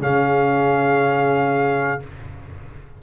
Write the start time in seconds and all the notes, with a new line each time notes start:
0.00 C#3 C#4 G#4 F5